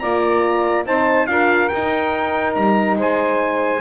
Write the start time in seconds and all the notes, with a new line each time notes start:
0.00 A#3 F4 D5 A#5
0.85 C4 D#4 C5 A5
1.26 D4 F4 A#4 F5
1.68 D#4 G5
2.55 G3 A#5
2.95 G#3 C5 G#5